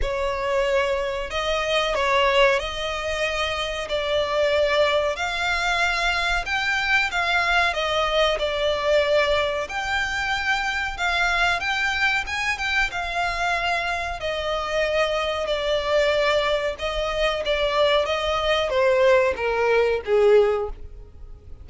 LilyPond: \new Staff \with { instrumentName = "violin" } { \time 4/4 \tempo 4 = 93 cis''2 dis''4 cis''4 | dis''2 d''2 | f''2 g''4 f''4 | dis''4 d''2 g''4~ |
g''4 f''4 g''4 gis''8 g''8 | f''2 dis''2 | d''2 dis''4 d''4 | dis''4 c''4 ais'4 gis'4 | }